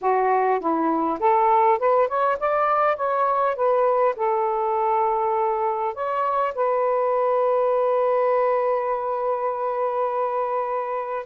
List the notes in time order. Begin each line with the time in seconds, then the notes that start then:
0.01 F#4
0.59 E4
1.19 A4
1.78 B4
2.08 C#5
2.39 D5
2.96 C#5
3.55 B4
4.16 A4
5.94 C#5
6.55 B4